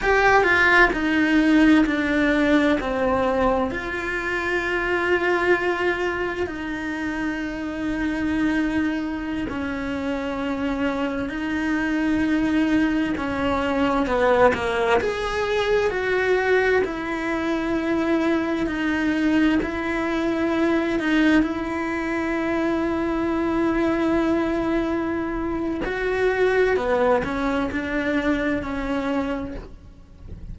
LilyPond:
\new Staff \with { instrumentName = "cello" } { \time 4/4 \tempo 4 = 65 g'8 f'8 dis'4 d'4 c'4 | f'2. dis'4~ | dis'2~ dis'16 cis'4.~ cis'16~ | cis'16 dis'2 cis'4 b8 ais16~ |
ais16 gis'4 fis'4 e'4.~ e'16~ | e'16 dis'4 e'4. dis'8 e'8.~ | e'1 | fis'4 b8 cis'8 d'4 cis'4 | }